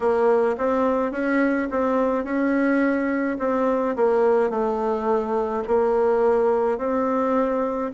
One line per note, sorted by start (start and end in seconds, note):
0.00 0.56 A#3
0.57 1.11 C4
1.11 1.68 C#4
1.70 2.24 C4
2.24 3.37 C#4
3.39 3.95 C4
3.96 4.50 A#3
4.50 5.63 A3
5.67 6.78 A#3
6.78 7.91 C4